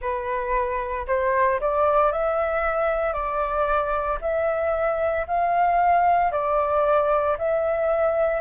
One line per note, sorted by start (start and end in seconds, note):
0.01 1.06 B4
1.07 1.59 C5
1.60 2.11 D5
2.11 3.13 E5
3.13 4.18 D5
4.21 5.26 E5
5.27 6.31 F5
6.31 7.36 D5
7.38 8.41 E5